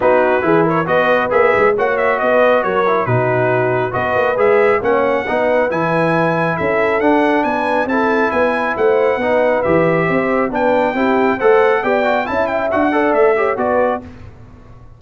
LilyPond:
<<
  \new Staff \with { instrumentName = "trumpet" } { \time 4/4 \tempo 4 = 137 b'4. cis''8 dis''4 e''4 | fis''8 e''8 dis''4 cis''4 b'4~ | b'4 dis''4 e''4 fis''4~ | fis''4 gis''2 e''4 |
fis''4 gis''4 a''4 gis''4 | fis''2 e''2 | g''2 fis''4 g''4 | a''8 g''8 fis''4 e''4 d''4 | }
  \new Staff \with { instrumentName = "horn" } { \time 4/4 fis'4 gis'8 ais'8 b'2 | cis''4 b'4 ais'4 fis'4~ | fis'4 b'2 cis''4 | b'2. a'4~ |
a'4 b'4 a'4 b'4 | c''4 b'2 c''4 | b'4 g'4 c''4 d''4 | e''4. d''4 cis''8 b'4 | }
  \new Staff \with { instrumentName = "trombone" } { \time 4/4 dis'4 e'4 fis'4 gis'4 | fis'2~ fis'8 e'8 dis'4~ | dis'4 fis'4 gis'4 cis'4 | dis'4 e'2. |
d'2 e'2~ | e'4 dis'4 g'2 | d'4 e'4 a'4 g'8 fis'8 | e'4 fis'8 a'4 g'8 fis'4 | }
  \new Staff \with { instrumentName = "tuba" } { \time 4/4 b4 e4 b4 ais8 gis8 | ais4 b4 fis4 b,4~ | b,4 b8 ais8 gis4 ais4 | b4 e2 cis'4 |
d'4 b4 c'4 b4 | a4 b4 e4 c'4 | b4 c'4 a4 b4 | cis'4 d'4 a4 b4 | }
>>